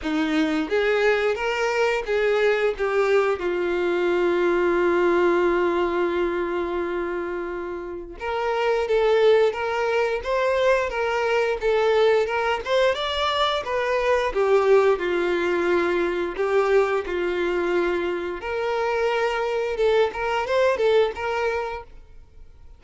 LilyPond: \new Staff \with { instrumentName = "violin" } { \time 4/4 \tempo 4 = 88 dis'4 gis'4 ais'4 gis'4 | g'4 f'2.~ | f'1 | ais'4 a'4 ais'4 c''4 |
ais'4 a'4 ais'8 c''8 d''4 | b'4 g'4 f'2 | g'4 f'2 ais'4~ | ais'4 a'8 ais'8 c''8 a'8 ais'4 | }